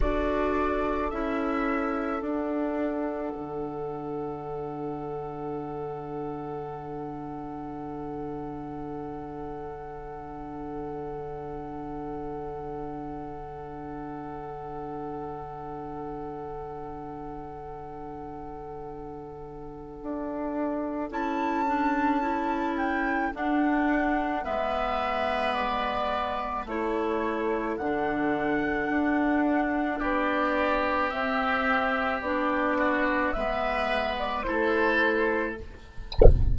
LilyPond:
<<
  \new Staff \with { instrumentName = "flute" } { \time 4/4 \tempo 4 = 54 d''4 e''4 fis''2~ | fis''1~ | fis''1~ | fis''1~ |
fis''2. a''4~ | a''8 g''8 fis''4 e''4 d''4 | cis''4 fis''2 d''4 | e''4 d''4 e''8. d''16 c''4 | }
  \new Staff \with { instrumentName = "oboe" } { \time 4/4 a'1~ | a'1~ | a'1~ | a'1~ |
a'1~ | a'2 b'2 | a'2. g'4~ | g'4. fis'8 b'4 a'4 | }
  \new Staff \with { instrumentName = "clarinet" } { \time 4/4 fis'4 e'4 d'2~ | d'1~ | d'1~ | d'1~ |
d'2. e'8 d'8 | e'4 d'4 b2 | e'4 d'2. | c'4 d'4 b4 e'4 | }
  \new Staff \with { instrumentName = "bassoon" } { \time 4/4 d'4 cis'4 d'4 d4~ | d1~ | d1~ | d1~ |
d2 d'4 cis'4~ | cis'4 d'4 gis2 | a4 d4 d'4 b4 | c'4 b4 gis4 a4 | }
>>